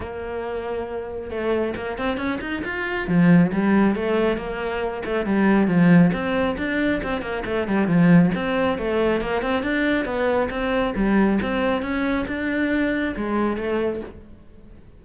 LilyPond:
\new Staff \with { instrumentName = "cello" } { \time 4/4 \tempo 4 = 137 ais2. a4 | ais8 c'8 cis'8 dis'8 f'4 f4 | g4 a4 ais4. a8 | g4 f4 c'4 d'4 |
c'8 ais8 a8 g8 f4 c'4 | a4 ais8 c'8 d'4 b4 | c'4 g4 c'4 cis'4 | d'2 gis4 a4 | }